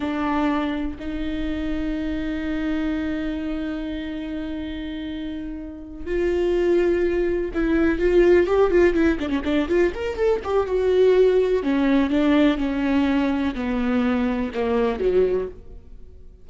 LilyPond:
\new Staff \with { instrumentName = "viola" } { \time 4/4 \tempo 4 = 124 d'2 dis'2~ | dis'1~ | dis'1~ | dis'8 f'2. e'8~ |
e'8 f'4 g'8 f'8 e'8 d'16 cis'16 d'8 | f'8 ais'8 a'8 g'8 fis'2 | cis'4 d'4 cis'2 | b2 ais4 fis4 | }